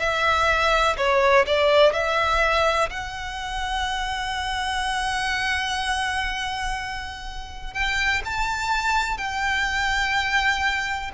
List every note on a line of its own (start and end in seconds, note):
0.00 0.97 E5
0.98 1.46 C#5
1.47 1.93 D5
1.93 2.90 E5
2.90 7.74 F#5
7.74 8.23 G5
8.25 9.18 A5
9.18 11.12 G5